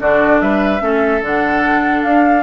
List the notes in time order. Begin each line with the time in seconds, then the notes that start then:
0.00 D3 D4 F#4 D5
0.41 G3 B4 E5
0.79 A3 C#4 A4
1.21 D3 D4 F#5
2.02 D4 F5